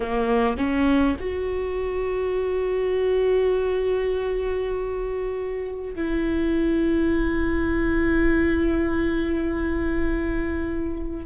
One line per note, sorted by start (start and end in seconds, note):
0.00 0.57 A#3
0.57 1.16 C#4
1.19 5.94 F#4
5.95 11.25 E4